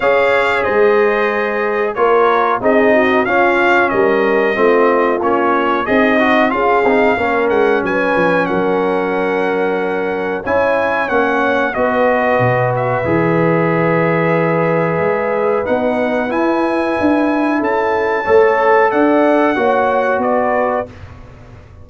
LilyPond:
<<
  \new Staff \with { instrumentName = "trumpet" } { \time 4/4 \tempo 4 = 92 f''4 dis''2 cis''4 | dis''4 f''4 dis''2 | cis''4 dis''4 f''4. fis''8 | gis''4 fis''2. |
gis''4 fis''4 dis''4. e''8~ | e''1 | fis''4 gis''2 a''4~ | a''4 fis''2 d''4 | }
  \new Staff \with { instrumentName = "horn" } { \time 4/4 cis''4 c''2 ais'4 | gis'8 fis'8 f'4 ais'4 f'4~ | f'4 dis'4 gis'4 ais'4 | b'4 ais'2. |
cis''2 b'2~ | b'1~ | b'2. a'4 | cis''4 d''4 cis''4 b'4 | }
  \new Staff \with { instrumentName = "trombone" } { \time 4/4 gis'2. f'4 | dis'4 cis'2 c'4 | cis'4 gis'8 fis'8 f'8 dis'8 cis'4~ | cis'1 |
e'4 cis'4 fis'2 | gis'1 | dis'4 e'2. | a'2 fis'2 | }
  \new Staff \with { instrumentName = "tuba" } { \time 4/4 cis'4 gis2 ais4 | c'4 cis'4 g4 a4 | ais4 c'4 cis'8 c'8 ais8 gis8 | fis8 f8 fis2. |
cis'4 ais4 b4 b,4 | e2. gis4 | b4 e'4 d'4 cis'4 | a4 d'4 ais4 b4 | }
>>